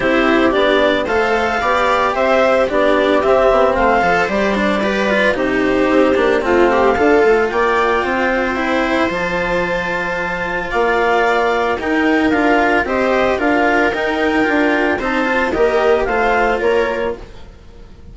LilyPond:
<<
  \new Staff \with { instrumentName = "clarinet" } { \time 4/4 \tempo 4 = 112 c''4 d''4 f''2 | e''4 d''4 e''4 f''4 | d''2 c''2 | f''2 g''2~ |
g''4 a''2. | f''2 g''4 f''4 | dis''4 f''4 g''2 | a''4 dis''4 f''4 cis''4 | }
  \new Staff \with { instrumentName = "viola" } { \time 4/4 g'2 c''4 d''4 | c''4 g'2 c''4~ | c''4 b'4 g'2 | f'8 g'8 a'4 d''4 c''4~ |
c''1 | d''2 ais'2 | c''4 ais'2. | c''4 ais'4 c''4 ais'4 | }
  \new Staff \with { instrumentName = "cello" } { \time 4/4 e'4 d'4 a'4 g'4~ | g'4 d'4 c'4. a'8 | g'8 d'8 g'8 f'8 dis'4. d'8 | c'4 f'2. |
e'4 f'2.~ | f'2 dis'4 f'4 | g'4 f'4 dis'4 f'4 | dis'8 f'8 g'4 f'2 | }
  \new Staff \with { instrumentName = "bassoon" } { \time 4/4 c'4 b4 a4 b4 | c'4 b4 c'8 b8 a8 f8 | g2 c4 c'8 ais8 | a4 d'8 a8 ais4 c'4~ |
c'4 f2. | ais2 dis'4 d'4 | c'4 d'4 dis'4 d'4 | c'4 ais4 a4 ais4 | }
>>